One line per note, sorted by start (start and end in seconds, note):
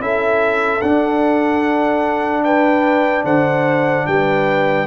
0.00 0.81 C#4
0.00 0.81 E4
0.00 2.44 A4
0.00 0.81 E5
0.81 3.24 D4
0.81 4.87 D4
0.81 2.43 F#5
2.44 3.25 B4
2.44 3.25 G5
3.24 4.05 D3
3.24 4.06 C5
3.24 4.06 F#5
4.06 4.87 G3
4.06 4.87 B4
4.06 4.87 G5